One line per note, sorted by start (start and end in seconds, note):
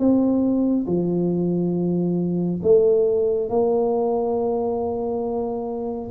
0.00 0.87 C4
0.87 2.61 F3
2.63 3.50 A3
3.50 6.11 A#3